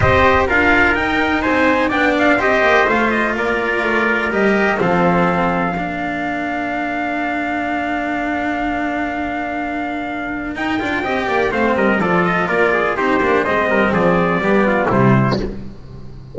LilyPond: <<
  \new Staff \with { instrumentName = "trumpet" } { \time 4/4 \tempo 4 = 125 dis''4 f''4 g''4 gis''4 | g''8 f''8 dis''4 f''8 dis''8 d''4~ | d''4 dis''4 f''2~ | f''1~ |
f''1~ | f''2 g''2 | f''8 dis''8 d''8 dis''8 d''4 c''4 | dis''4 d''2 c''4 | }
  \new Staff \with { instrumentName = "trumpet" } { \time 4/4 c''4 ais'2 c''4 | d''4 c''2 ais'4~ | ais'2 a'2 | ais'1~ |
ais'1~ | ais'2. dis''8 d''8 | c''8 ais'8 a'4 ais'8 gis'8 g'4 | c''8 ais'8 gis'4 g'8 f'8 e'4 | }
  \new Staff \with { instrumentName = "cello" } { \time 4/4 g'4 f'4 dis'2 | d'4 g'4 f'2~ | f'4 g'4 c'2 | d'1~ |
d'1~ | d'2 dis'8 f'8 g'4 | c'4 f'2 dis'8 d'8 | c'2 b4 g4 | }
  \new Staff \with { instrumentName = "double bass" } { \time 4/4 c'4 d'4 dis'4 c'4 | b4 c'8 ais8 a4 ais4 | a4 g4 f2 | ais1~ |
ais1~ | ais2 dis'8 d'8 c'8 ais8 | a8 g8 f4 ais4 c'8 ais8 | gis8 g8 f4 g4 c4 | }
>>